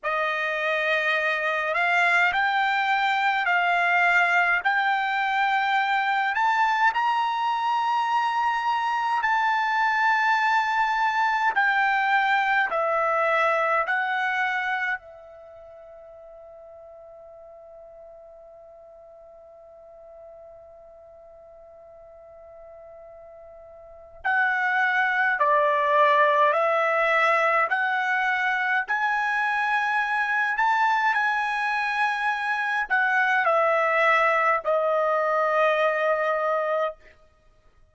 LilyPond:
\new Staff \with { instrumentName = "trumpet" } { \time 4/4 \tempo 4 = 52 dis''4. f''8 g''4 f''4 | g''4. a''8 ais''2 | a''2 g''4 e''4 | fis''4 e''2.~ |
e''1~ | e''4 fis''4 d''4 e''4 | fis''4 gis''4. a''8 gis''4~ | gis''8 fis''8 e''4 dis''2 | }